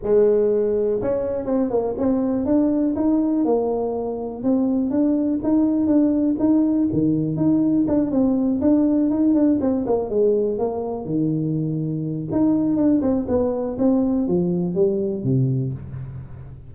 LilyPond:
\new Staff \with { instrumentName = "tuba" } { \time 4/4 \tempo 4 = 122 gis2 cis'4 c'8 ais8 | c'4 d'4 dis'4 ais4~ | ais4 c'4 d'4 dis'4 | d'4 dis'4 dis4 dis'4 |
d'8 c'4 d'4 dis'8 d'8 c'8 | ais8 gis4 ais4 dis4.~ | dis4 dis'4 d'8 c'8 b4 | c'4 f4 g4 c4 | }